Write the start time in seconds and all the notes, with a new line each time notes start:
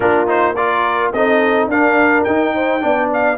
0.00 A#3 D4 F4 A#4
0.26 D#4 C5
0.55 F4 A#4 D5
1.12 C4 D#4 A4 D#5
1.66 D4 A#4 F5
2.24 D#4 G5
2.54 C5
2.80 B3 D4 D5
3.13 F5